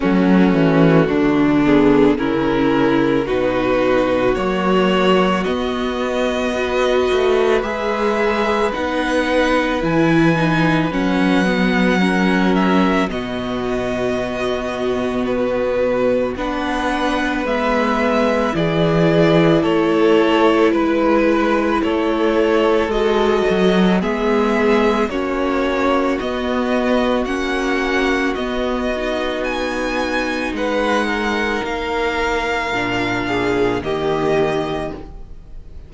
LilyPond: <<
  \new Staff \with { instrumentName = "violin" } { \time 4/4 \tempo 4 = 55 fis'4. gis'8 ais'4 b'4 | cis''4 dis''2 e''4 | fis''4 gis''4 fis''4. e''8 | dis''2 b'4 fis''4 |
e''4 d''4 cis''4 b'4 | cis''4 dis''4 e''4 cis''4 | dis''4 fis''4 dis''4 gis''4 | fis''4 f''2 dis''4 | }
  \new Staff \with { instrumentName = "violin" } { \time 4/4 cis'4 d'4 e'4 fis'4~ | fis'2 b'2~ | b'2. ais'4 | fis'2. b'4~ |
b'4 gis'4 a'4 b'4 | a'2 gis'4 fis'4~ | fis'1 | b'8 ais'2 gis'8 g'4 | }
  \new Staff \with { instrumentName = "viola" } { \time 4/4 a4. b8 cis'4 dis'4 | ais4 b4 fis'4 gis'4 | dis'4 e'8 dis'8 cis'8 b8 cis'4 | b2. d'4 |
b4 e'2.~ | e'4 fis'4 b4 cis'4 | b4 cis'4 b8 dis'4.~ | dis'2 d'4 ais4 | }
  \new Staff \with { instrumentName = "cello" } { \time 4/4 fis8 e8 d4 cis4 b,4 | fis4 b4. a8 gis4 | b4 e4 fis2 | b,2. b4 |
gis4 e4 a4 gis4 | a4 gis8 fis8 gis4 ais4 | b4 ais4 b2 | gis4 ais4 ais,4 dis4 | }
>>